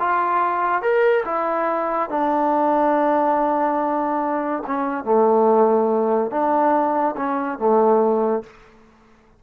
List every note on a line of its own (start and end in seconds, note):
0.00 0.82 F4
0.82 1.24 A#4
1.25 2.10 E4
2.10 4.63 D4
4.67 5.05 C#4
5.05 6.31 A3
6.31 7.16 D4
7.17 7.59 C#4
7.59 8.44 A3